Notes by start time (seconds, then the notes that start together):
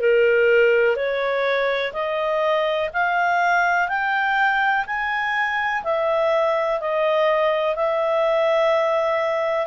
0.00 A#4
0.95 C#5
1.93 D#5
2.93 F5
3.88 G5
4.86 G#5
5.83 E5
6.80 D#5
7.75 E5